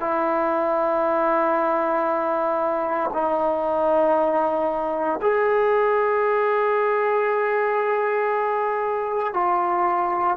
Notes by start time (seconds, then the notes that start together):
0.00 E4
3.13 D#4
5.21 G#4
9.33 F4